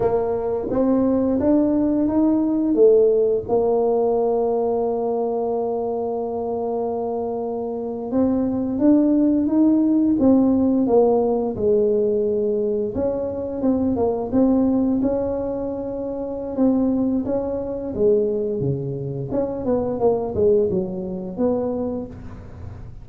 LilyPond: \new Staff \with { instrumentName = "tuba" } { \time 4/4 \tempo 4 = 87 ais4 c'4 d'4 dis'4 | a4 ais2.~ | ais2.~ ais8. c'16~ | c'8. d'4 dis'4 c'4 ais16~ |
ais8. gis2 cis'4 c'16~ | c'16 ais8 c'4 cis'2~ cis'16 | c'4 cis'4 gis4 cis4 | cis'8 b8 ais8 gis8 fis4 b4 | }